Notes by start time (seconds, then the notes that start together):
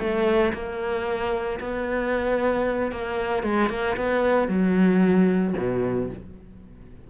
0.00 A3
0.54 A#3
1.61 B3
2.92 A#3
3.43 G#3
3.70 A#3
3.97 B3
4.48 F#3
5.58 B2